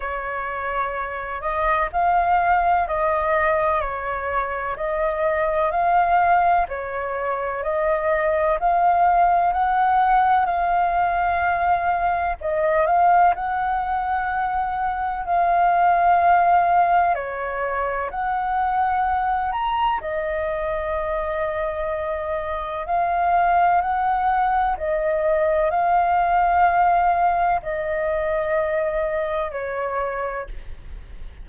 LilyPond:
\new Staff \with { instrumentName = "flute" } { \time 4/4 \tempo 4 = 63 cis''4. dis''8 f''4 dis''4 | cis''4 dis''4 f''4 cis''4 | dis''4 f''4 fis''4 f''4~ | f''4 dis''8 f''8 fis''2 |
f''2 cis''4 fis''4~ | fis''8 ais''8 dis''2. | f''4 fis''4 dis''4 f''4~ | f''4 dis''2 cis''4 | }